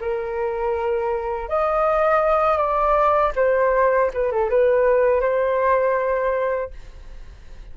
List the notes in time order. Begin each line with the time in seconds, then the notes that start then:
0.00 A#4
1.48 D#5
2.57 D5
3.35 C5
4.13 B4
4.31 A4
4.49 B4
5.20 C5